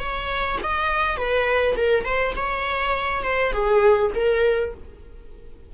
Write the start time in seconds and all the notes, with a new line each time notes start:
0.00 C#5
0.63 D#5
1.17 B4
1.77 A#4
2.05 C5
2.36 C#5
3.24 C5
3.53 G#4
4.15 A#4